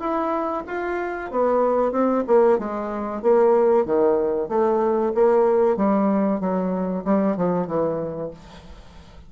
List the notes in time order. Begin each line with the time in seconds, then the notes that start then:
0.00 E4
0.68 F4
1.31 B3
1.92 C4
2.28 A#3
2.59 G#3
3.23 A#3
3.86 D#3
4.49 A3
5.15 A#3
5.77 G3
6.41 F#3
7.05 G3
7.37 F3
7.67 E3